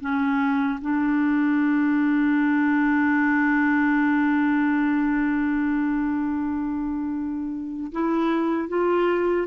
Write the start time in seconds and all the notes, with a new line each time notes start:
0.00 C#4
0.81 D4
7.92 E4
8.68 F4